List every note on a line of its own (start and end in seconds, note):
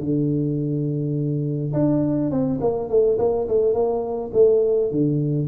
0.00 1.73 D3
1.73 2.31 D4
2.31 2.60 C4
2.61 2.90 A#3
2.90 3.18 A3
3.19 3.48 A#3
3.48 3.74 A3
3.74 4.31 A#3
4.34 4.91 A3
4.91 5.48 D3